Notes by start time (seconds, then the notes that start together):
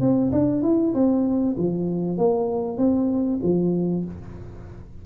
0.00 C4
0.31 D4
0.62 E4
0.94 C4
1.57 F3
2.17 A#3
2.78 C4
3.42 F3